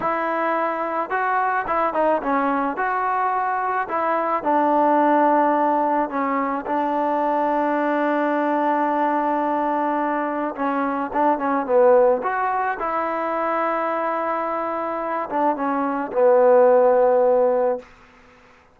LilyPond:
\new Staff \with { instrumentName = "trombone" } { \time 4/4 \tempo 4 = 108 e'2 fis'4 e'8 dis'8 | cis'4 fis'2 e'4 | d'2. cis'4 | d'1~ |
d'2. cis'4 | d'8 cis'8 b4 fis'4 e'4~ | e'2.~ e'8 d'8 | cis'4 b2. | }